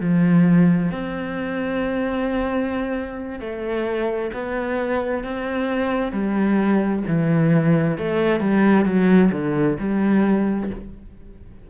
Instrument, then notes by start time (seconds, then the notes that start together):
cello
0.00 F3
0.91 C4
3.39 A3
4.33 B3
5.24 C4
6.12 G3
7.07 E3
7.98 A3
8.40 G3
8.85 F#3
9.32 D3
9.79 G3